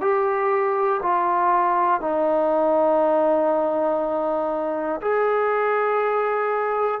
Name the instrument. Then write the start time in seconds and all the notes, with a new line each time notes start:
trombone
0.00 G4
1.02 F4
2.00 D#4
5.01 G#4